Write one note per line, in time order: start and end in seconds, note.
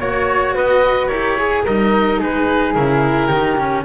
0.00 0.55 A#3
0.00 1.11 F#4
0.00 0.55 C#5
0.00 0.56 C#5
0.55 1.08 B3
0.55 1.10 B4
0.55 1.07 D#5
1.07 1.64 E4
1.07 1.39 G4
1.07 1.37 A#4
1.07 1.62 C#5
1.38 1.64 G#4
1.38 1.67 G#4
1.64 2.21 G3
1.64 2.75 D#4
1.64 2.19 A#4
1.64 2.21 D#5
2.20 2.75 G#3
2.20 3.28 G#4
2.20 2.74 B4
2.74 3.30 C#3
2.74 3.30 E4
2.74 3.84 A#4
3.28 3.85 D#3
3.28 3.58 D#4
3.28 3.83 G4
3.58 3.85 C#4